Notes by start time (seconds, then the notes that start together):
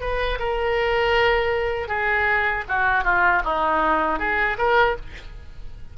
0.00 B4
0.39 A#4
1.88 G#4
2.68 F#4
3.03 F4
3.44 D#4
4.19 G#4
4.57 A#4